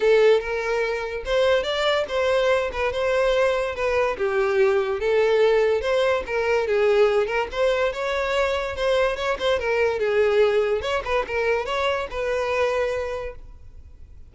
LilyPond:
\new Staff \with { instrumentName = "violin" } { \time 4/4 \tempo 4 = 144 a'4 ais'2 c''4 | d''4 c''4. b'8 c''4~ | c''4 b'4 g'2 | a'2 c''4 ais'4 |
gis'4. ais'8 c''4 cis''4~ | cis''4 c''4 cis''8 c''8 ais'4 | gis'2 cis''8 b'8 ais'4 | cis''4 b'2. | }